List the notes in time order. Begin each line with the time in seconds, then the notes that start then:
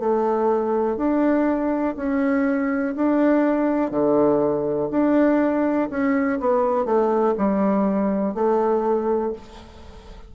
0.00 A3
0.97 D4
1.97 C#4
2.96 D4
3.91 D3
4.91 D4
5.91 C#4
6.41 B3
6.86 A3
7.38 G3
8.35 A3